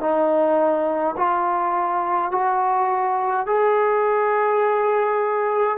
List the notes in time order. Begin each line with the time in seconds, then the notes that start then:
0.00 D#4
1.17 F4
2.31 F#4
3.47 G#4